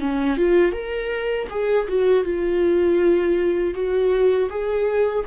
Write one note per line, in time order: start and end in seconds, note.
0.00 0.37 C#4
0.37 0.72 F4
0.72 1.47 A#4
1.50 1.87 G#4
1.88 2.24 F#4
2.24 3.74 F4
3.74 4.49 F#4
4.50 5.25 G#4